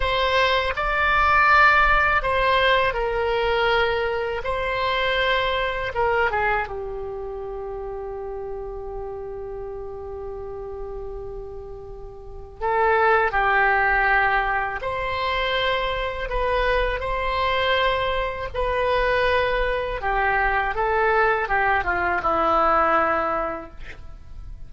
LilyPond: \new Staff \with { instrumentName = "oboe" } { \time 4/4 \tempo 4 = 81 c''4 d''2 c''4 | ais'2 c''2 | ais'8 gis'8 g'2.~ | g'1~ |
g'4 a'4 g'2 | c''2 b'4 c''4~ | c''4 b'2 g'4 | a'4 g'8 f'8 e'2 | }